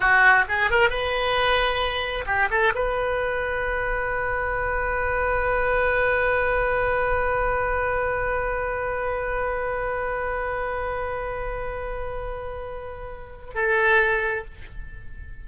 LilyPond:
\new Staff \with { instrumentName = "oboe" } { \time 4/4 \tempo 4 = 133 fis'4 gis'8 ais'8 b'2~ | b'4 g'8 a'8 b'2~ | b'1~ | b'1~ |
b'1~ | b'1~ | b'1~ | b'2 a'2 | }